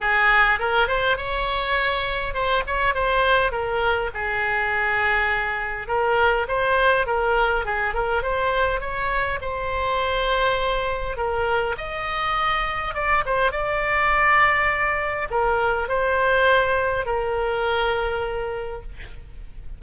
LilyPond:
\new Staff \with { instrumentName = "oboe" } { \time 4/4 \tempo 4 = 102 gis'4 ais'8 c''8 cis''2 | c''8 cis''8 c''4 ais'4 gis'4~ | gis'2 ais'4 c''4 | ais'4 gis'8 ais'8 c''4 cis''4 |
c''2. ais'4 | dis''2 d''8 c''8 d''4~ | d''2 ais'4 c''4~ | c''4 ais'2. | }